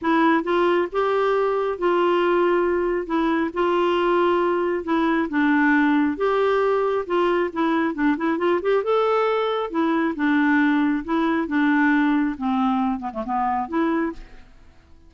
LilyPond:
\new Staff \with { instrumentName = "clarinet" } { \time 4/4 \tempo 4 = 136 e'4 f'4 g'2 | f'2. e'4 | f'2. e'4 | d'2 g'2 |
f'4 e'4 d'8 e'8 f'8 g'8 | a'2 e'4 d'4~ | d'4 e'4 d'2 | c'4. b16 a16 b4 e'4 | }